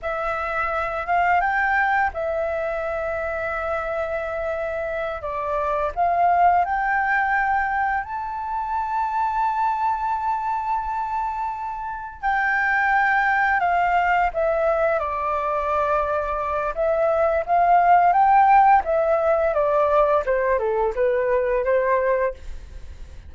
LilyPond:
\new Staff \with { instrumentName = "flute" } { \time 4/4 \tempo 4 = 86 e''4. f''8 g''4 e''4~ | e''2.~ e''8 d''8~ | d''8 f''4 g''2 a''8~ | a''1~ |
a''4. g''2 f''8~ | f''8 e''4 d''2~ d''8 | e''4 f''4 g''4 e''4 | d''4 c''8 a'8 b'4 c''4 | }